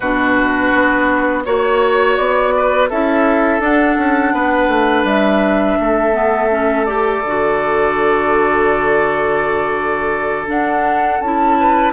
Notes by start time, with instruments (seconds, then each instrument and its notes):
0.00 bassoon B2, clarinet D4, oboe F#4, flute B4
0.73 bassoon B3
1.45 bassoon A#3, clarinet F#4, flute C#5, oboe C#5
2.16 bassoon B3, flute D5
2.56 oboe B4
2.89 bassoon C#4, clarinet E4, oboe A4, flute E5
3.59 bassoon D4, clarinet D4, flute F#5
3.97 bassoon C#4
4.32 bassoon B3, oboe B4
4.68 bassoon A3
5.04 bassoon G3, flute E5
5.79 bassoon A3, oboe A4
6.13 clarinet B3
6.50 clarinet C#4
6.85 clarinet G4, flute D5
7.24 bassoon D3, clarinet F#4
10.47 clarinet D4, bassoon D4, flute F#5
11.20 bassoon C#4, clarinet E4, flute A5
11.59 oboe B4